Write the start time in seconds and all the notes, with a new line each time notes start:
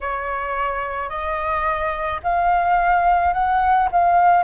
0.00 C#5
1.09 D#5
2.23 F5
3.33 F#5
3.91 F5